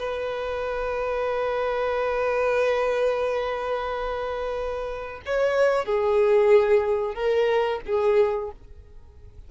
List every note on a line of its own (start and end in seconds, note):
0.00 5.22 B4
5.26 5.86 C#5
5.86 7.15 G#4
7.15 7.81 A#4
7.86 8.51 G#4